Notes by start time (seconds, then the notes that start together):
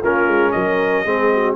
0.00 A#3 C#4 F4 A#4
0.28 G#3
0.52 F#3 A#4 D#5
1.05 G#3 C4 G#4
1.33 F#4